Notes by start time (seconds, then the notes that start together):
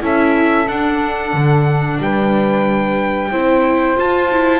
0.00 C#4 E4 A4 E5
0.67 D4 F#5
1.33 D3
1.99 G3 B4 G5
3.30 C4 E4 C5
3.96 F4 A5
4.31 E4